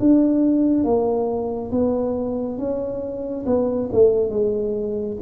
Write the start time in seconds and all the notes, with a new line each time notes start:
0.00 D4
0.84 A#3
1.72 B3
2.58 C#4
3.46 B3
3.92 A3
4.30 G#3